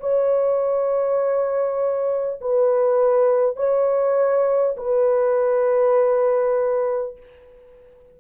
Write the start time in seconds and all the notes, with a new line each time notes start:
0.00 C#5
2.41 B4
3.56 C#5
4.77 B4